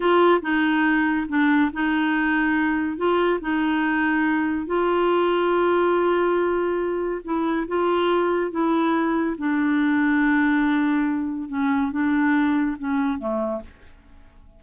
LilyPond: \new Staff \with { instrumentName = "clarinet" } { \time 4/4 \tempo 4 = 141 f'4 dis'2 d'4 | dis'2. f'4 | dis'2. f'4~ | f'1~ |
f'4 e'4 f'2 | e'2 d'2~ | d'2. cis'4 | d'2 cis'4 a4 | }